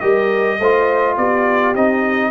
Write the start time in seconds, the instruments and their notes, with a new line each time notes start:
0.00 tuba G3, trombone G4, horn A#4, trumpet D#5
0.60 tuba A3, trombone F4, horn C5
1.17 tuba B3, horn G4, trumpet D5
1.75 tuba C4, trombone D#4, trumpet D#5